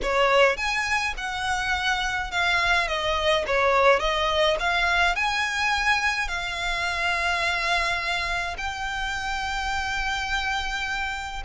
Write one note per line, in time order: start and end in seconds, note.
0.02 0.56 C#5
0.56 1.14 G#5
1.17 2.31 F#5
2.31 2.87 F5
2.87 3.44 D#5
3.46 3.99 C#5
3.99 4.56 D#5
4.59 5.15 F5
5.15 6.28 G#5
6.28 8.56 F5
8.57 11.43 G5